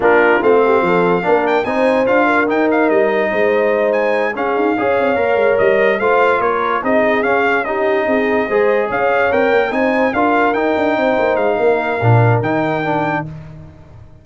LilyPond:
<<
  \new Staff \with { instrumentName = "trumpet" } { \time 4/4 \tempo 4 = 145 ais'4 f''2~ f''8 g''8 | gis''4 f''4 g''8 f''8 dis''4~ | dis''4. gis''4 f''4.~ | f''4. dis''4 f''4 cis''8~ |
cis''8 dis''4 f''4 dis''4.~ | dis''4. f''4 g''4 gis''8~ | gis''8 f''4 g''2 f''8~ | f''2 g''2 | }
  \new Staff \with { instrumentName = "horn" } { \time 4/4 f'4. g'8 a'4 ais'4 | c''4. ais'2~ ais'8 | c''2~ c''8 gis'4 cis''8~ | cis''2~ cis''8 c''4 ais'8~ |
ais'8 gis'2 g'4 gis'8~ | gis'8 c''4 cis''2 c''8~ | c''8 ais'2 c''4. | ais'1 | }
  \new Staff \with { instrumentName = "trombone" } { \time 4/4 d'4 c'2 d'4 | dis'4 f'4 dis'2~ | dis'2~ dis'8 cis'4 gis'8~ | gis'8 ais'2 f'4.~ |
f'8 dis'4 cis'4 dis'4.~ | dis'8 gis'2 ais'4 dis'8~ | dis'8 f'4 dis'2~ dis'8~ | dis'4 d'4 dis'4 d'4 | }
  \new Staff \with { instrumentName = "tuba" } { \time 4/4 ais4 a4 f4 ais4 | c'4 d'4 dis'4 g4 | gis2~ gis8 cis'8 dis'8 cis'8 | c'8 ais8 gis8 g4 a4 ais8~ |
ais8 c'4 cis'2 c'8~ | c'8 gis4 cis'4 c'8 ais8 c'8~ | c'8 d'4 dis'8 d'8 c'8 ais8 gis8 | ais4 ais,4 dis2 | }
>>